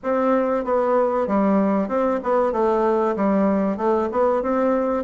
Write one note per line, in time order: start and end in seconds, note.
0.03 0.64 C4
0.64 1.27 B3
1.27 1.88 G3
1.88 2.20 C4
2.23 2.52 B3
2.52 3.15 A3
3.16 3.77 G3
3.77 4.08 A3
4.11 4.42 B3
4.42 5.04 C4